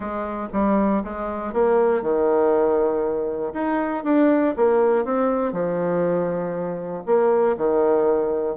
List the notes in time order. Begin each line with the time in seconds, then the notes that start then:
0.00 G#3
0.52 G3
1.03 G#3
1.53 A#3
2.01 D#3
3.53 D#4
4.04 D4
4.56 A#3
5.04 C4
5.52 F3
7.06 A#3
7.57 D#3